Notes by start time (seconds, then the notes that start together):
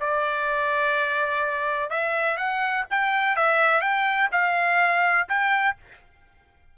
0.00 D5
1.90 E5
2.37 F#5
2.90 G5
3.36 E5
3.81 G5
4.32 F5
5.29 G5